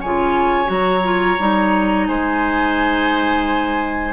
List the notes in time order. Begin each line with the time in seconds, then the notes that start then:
0.00 C#3 F4 C#5 G#5
0.65 F#3 F#4
0.72 A#5
1.03 F4
1.39 G3 D#4
2.07 G#3 C5 G#5